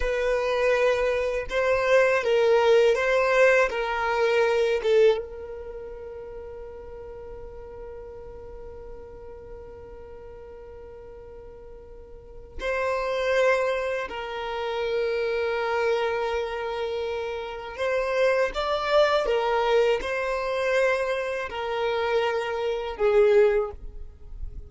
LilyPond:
\new Staff \with { instrumentName = "violin" } { \time 4/4 \tempo 4 = 81 b'2 c''4 ais'4 | c''4 ais'4. a'8 ais'4~ | ais'1~ | ais'1~ |
ais'4 c''2 ais'4~ | ais'1 | c''4 d''4 ais'4 c''4~ | c''4 ais'2 gis'4 | }